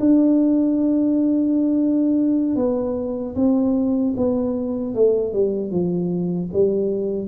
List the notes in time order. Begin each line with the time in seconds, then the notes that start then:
0.00 D4
2.56 B3
3.36 C4
4.17 B3
4.95 A3
5.33 G3
5.71 F3
6.53 G3